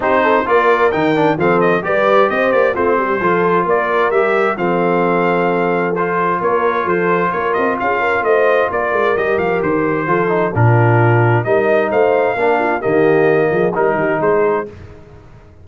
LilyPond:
<<
  \new Staff \with { instrumentName = "trumpet" } { \time 4/4 \tempo 4 = 131 c''4 d''4 g''4 f''8 dis''8 | d''4 dis''8 d''8 c''2 | d''4 e''4 f''2~ | f''4 c''4 cis''4 c''4 |
cis''8 dis''8 f''4 dis''4 d''4 | dis''8 f''8 c''2 ais'4~ | ais'4 dis''4 f''2 | dis''2 ais'4 c''4 | }
  \new Staff \with { instrumentName = "horn" } { \time 4/4 g'8 a'8 ais'2 a'4 | b'4 c''4 f'8 g'8 a'4 | ais'2 a'2~ | a'2 ais'4 a'4 |
ais'4 gis'8 ais'8 c''4 ais'4~ | ais'2 a'4 f'4~ | f'4 ais'4 c''4 ais'8 f'8 | g'4. gis'8 ais'8 g'8 gis'4 | }
  \new Staff \with { instrumentName = "trombone" } { \time 4/4 dis'4 f'4 dis'8 d'8 c'4 | g'2 c'4 f'4~ | f'4 g'4 c'2~ | c'4 f'2.~ |
f'1 | g'2 f'8 dis'8 d'4~ | d'4 dis'2 d'4 | ais2 dis'2 | }
  \new Staff \with { instrumentName = "tuba" } { \time 4/4 c'4 ais4 dis4 f4 | g4 c'8 ais8 a8 g8 f4 | ais4 g4 f2~ | f2 ais4 f4 |
ais8 c'8 cis'4 a4 ais8 gis8 | g8 f8 dis4 f4 ais,4~ | ais,4 g4 a4 ais4 | dis4. f8 g8 dis8 gis4 | }
>>